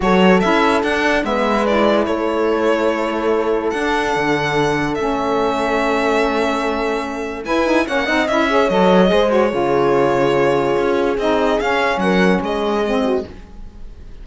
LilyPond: <<
  \new Staff \with { instrumentName = "violin" } { \time 4/4 \tempo 4 = 145 cis''4 e''4 fis''4 e''4 | d''4 cis''2.~ | cis''4 fis''2. | e''1~ |
e''2 gis''4 fis''4 | e''4 dis''4. cis''4.~ | cis''2. dis''4 | f''4 fis''4 dis''2 | }
  \new Staff \with { instrumentName = "horn" } { \time 4/4 a'2. b'4~ | b'4 a'2.~ | a'1~ | a'1~ |
a'2 b'4 cis''8 dis''8~ | dis''8 cis''4. c''4 gis'4~ | gis'1~ | gis'4 ais'4 gis'4. fis'8 | }
  \new Staff \with { instrumentName = "saxophone" } { \time 4/4 fis'4 e'4 d'4 b4 | e'1~ | e'4 d'2. | cis'1~ |
cis'2 e'8 dis'8 cis'8 dis'8 | e'8 gis'8 a'4 gis'8 fis'8 f'4~ | f'2. dis'4 | cis'2. c'4 | }
  \new Staff \with { instrumentName = "cello" } { \time 4/4 fis4 cis'4 d'4 gis4~ | gis4 a2.~ | a4 d'4 d2 | a1~ |
a2 e'4 ais8 c'8 | cis'4 fis4 gis4 cis4~ | cis2 cis'4 c'4 | cis'4 fis4 gis2 | }
>>